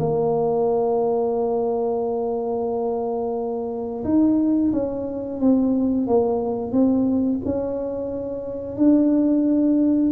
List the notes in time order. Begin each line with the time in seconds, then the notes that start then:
0.00 A#3
4.05 D#4
4.73 C#4
5.40 C4
6.08 A#3
6.72 C4
7.46 C#4
8.77 D4